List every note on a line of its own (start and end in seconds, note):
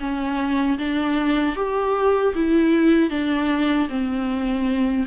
0.00 0.78 C#4
0.78 1.56 D4
1.56 2.34 G4
2.35 3.10 E4
3.10 3.88 D4
3.89 5.06 C4